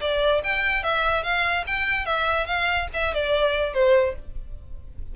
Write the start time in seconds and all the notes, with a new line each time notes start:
0.00 D5
0.43 G5
0.83 E5
1.23 F5
1.67 G5
2.05 E5
2.46 F5
2.93 E5
3.14 D5
3.74 C5